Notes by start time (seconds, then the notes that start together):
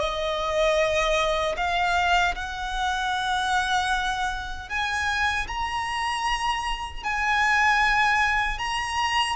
0.00 D#5
1.57 F5
2.36 F#5
4.70 G#5
5.48 A#5
7.04 G#5
8.59 A#5